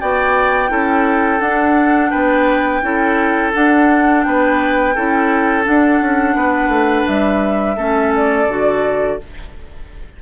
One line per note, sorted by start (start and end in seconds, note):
0.00 0.70 B3
0.00 0.68 F#4
0.00 0.71 D5
0.00 1.40 G5
0.68 1.40 C#4
0.68 1.39 E4
0.68 2.11 A4
1.40 2.11 D4
1.40 2.82 D4
1.40 2.10 F#5
2.10 2.82 B3
2.10 2.81 B4
2.10 3.51 G5
2.82 3.53 C#4
2.82 3.53 E4
2.82 4.26 A4
3.54 4.95 D4
3.54 4.26 D4
3.54 4.23 F#5
4.23 4.96 B3
4.23 4.95 B4
4.23 5.64 G5
4.95 5.66 C#4
4.95 5.64 E4
4.95 6.36 A4
5.64 7.76 D4
5.64 6.01 D4
5.64 7.07 F#5
6.01 6.35 C#4
6.35 6.68 B3
6.35 7.76 B4
6.68 7.04 A3
7.07 7.77 G3
7.07 8.13 E5
7.76 8.47 A3
7.76 8.48 C#4
7.76 9.17 A4
8.16 9.22 D5
8.48 9.19 D3
8.48 9.19 F#4